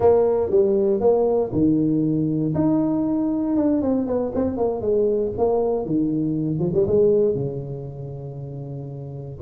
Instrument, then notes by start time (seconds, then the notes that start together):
tuba
0.00 A#3
0.50 G3
1.00 A#3
1.52 D#3
2.54 D#4
3.56 D4
3.82 C4
4.06 B3
4.35 C4
4.57 A#3
4.81 G#3
5.37 A#3
5.85 D#3
6.59 F3
6.73 G3
6.87 G#3
7.35 C#3